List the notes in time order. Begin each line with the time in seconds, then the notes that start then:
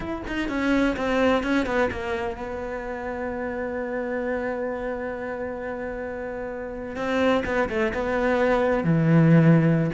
0.00 E4
0.27 D#4
0.49 C#4
0.96 C4
1.43 C#4
1.66 B3
1.91 A#3
2.36 B3
6.96 C4
7.45 B3
7.69 A3
7.93 B3
8.84 E3